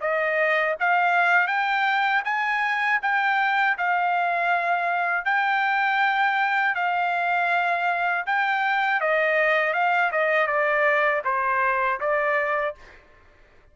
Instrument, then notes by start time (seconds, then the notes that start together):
trumpet
0.00 D#5
0.79 F5
1.47 G5
2.24 G#5
3.02 G5
3.77 F5
5.25 G5
6.75 F5
8.26 G5
9.00 D#5
9.73 F5
10.11 D#5
10.47 D5
11.24 C5
12.00 D5